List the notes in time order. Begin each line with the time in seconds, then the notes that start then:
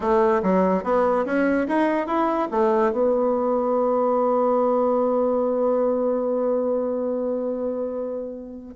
0.00 A3
0.43 F#3
0.83 B3
1.25 C#4
1.67 D#4
2.06 E4
2.51 A3
2.92 B3